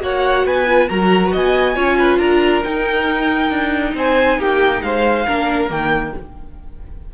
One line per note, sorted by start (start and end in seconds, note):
0.00 0.45 A#3
0.00 0.66 F#4
0.00 0.46 C#5
0.00 0.47 F#5
0.46 0.90 B3
0.46 0.89 B4
0.46 0.89 G#5
0.67 0.89 F4
0.89 1.34 F#3
0.89 1.75 F#4
0.89 1.32 A#4
0.89 1.33 A#5
1.32 1.77 B3
1.32 1.75 D#5
1.32 2.19 G#5
1.75 2.19 C#4
1.75 2.63 F4
1.75 1.97 C#5
1.99 2.19 B4
2.19 2.63 D4
2.19 3.95 A#4
2.19 2.63 A#5
2.64 5.26 D#4
2.64 3.50 D#4
2.64 3.95 G5
3.50 3.94 D4
3.95 4.38 C4
3.95 4.39 C5
3.95 4.42 G#5
4.38 4.82 A#3
4.38 4.83 G4
4.38 4.83 G5
4.83 5.27 G#3
4.83 5.27 C5
4.83 5.70 F5
5.27 5.70 A#3
5.27 5.69 D4
5.27 6.14 A#4
5.69 6.14 D#3
5.69 6.13 A#3
5.69 6.15 G5